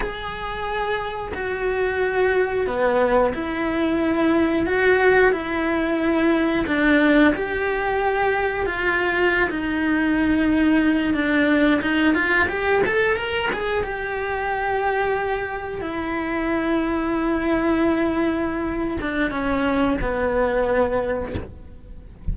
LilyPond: \new Staff \with { instrumentName = "cello" } { \time 4/4 \tempo 4 = 90 gis'2 fis'2 | b4 e'2 fis'4 | e'2 d'4 g'4~ | g'4 f'4~ f'16 dis'4.~ dis'16~ |
dis'8. d'4 dis'8 f'8 g'8 a'8 ais'16~ | ais'16 gis'8 g'2. e'16~ | e'1~ | e'8 d'8 cis'4 b2 | }